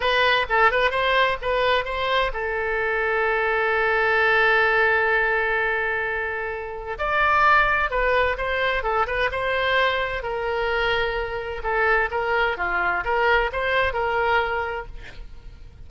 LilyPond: \new Staff \with { instrumentName = "oboe" } { \time 4/4 \tempo 4 = 129 b'4 a'8 b'8 c''4 b'4 | c''4 a'2.~ | a'1~ | a'2. d''4~ |
d''4 b'4 c''4 a'8 b'8 | c''2 ais'2~ | ais'4 a'4 ais'4 f'4 | ais'4 c''4 ais'2 | }